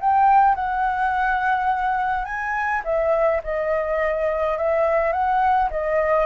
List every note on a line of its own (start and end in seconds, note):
0.00 0.55 G5
0.55 2.24 F#5
2.24 2.82 G#5
2.84 3.41 E5
3.43 4.57 D#5
4.57 5.12 E5
5.12 5.69 F#5
5.70 6.26 D#5